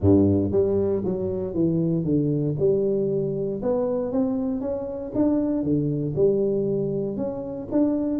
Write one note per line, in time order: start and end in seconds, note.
0.00 0.51 G2
0.51 1.03 G3
1.04 1.54 F#3
1.54 2.04 E3
2.04 2.55 D3
2.59 3.61 G3
3.62 4.11 B3
4.11 4.60 C4
4.60 5.12 C#4
5.14 5.63 D4
5.63 6.14 D3
6.15 7.17 G3
7.17 7.68 C#4
7.71 8.20 D4